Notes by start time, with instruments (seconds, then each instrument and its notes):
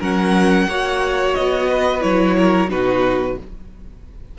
0.00 cello F#3, viola C#4, violin A#4 F#5
0.67 cello A#3, viola F#4, violin C#5
1.35 cello B3, violin D#5
1.70 violin B4
2.01 cello F#3, viola E4, violin C#5
2.39 violin A#4
2.69 cello B2, viola D#4, violin F#4 B4